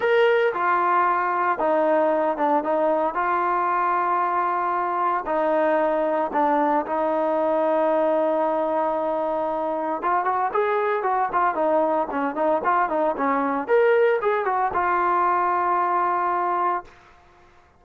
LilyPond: \new Staff \with { instrumentName = "trombone" } { \time 4/4 \tempo 4 = 114 ais'4 f'2 dis'4~ | dis'8 d'8 dis'4 f'2~ | f'2 dis'2 | d'4 dis'2.~ |
dis'2. f'8 fis'8 | gis'4 fis'8 f'8 dis'4 cis'8 dis'8 | f'8 dis'8 cis'4 ais'4 gis'8 fis'8 | f'1 | }